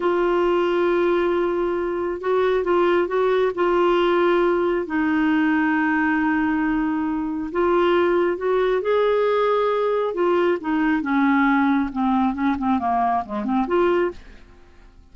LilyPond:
\new Staff \with { instrumentName = "clarinet" } { \time 4/4 \tempo 4 = 136 f'1~ | f'4 fis'4 f'4 fis'4 | f'2. dis'4~ | dis'1~ |
dis'4 f'2 fis'4 | gis'2. f'4 | dis'4 cis'2 c'4 | cis'8 c'8 ais4 gis8 c'8 f'4 | }